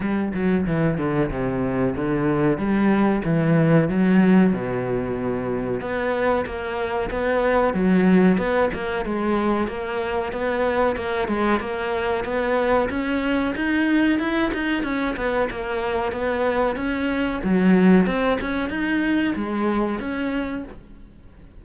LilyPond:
\new Staff \with { instrumentName = "cello" } { \time 4/4 \tempo 4 = 93 g8 fis8 e8 d8 c4 d4 | g4 e4 fis4 b,4~ | b,4 b4 ais4 b4 | fis4 b8 ais8 gis4 ais4 |
b4 ais8 gis8 ais4 b4 | cis'4 dis'4 e'8 dis'8 cis'8 b8 | ais4 b4 cis'4 fis4 | c'8 cis'8 dis'4 gis4 cis'4 | }